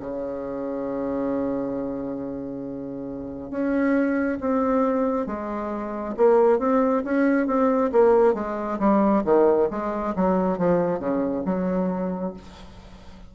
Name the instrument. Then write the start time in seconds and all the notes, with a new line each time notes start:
bassoon
0.00 C#3
3.50 C#4
4.40 C4
5.26 G#3
6.16 A#3
6.59 C4
7.04 C#4
7.46 C4
7.92 A#3
8.34 G#3
8.79 G3
9.24 D#3
9.70 G#3
10.16 F#3
10.58 F3
10.99 C#3
11.45 F#3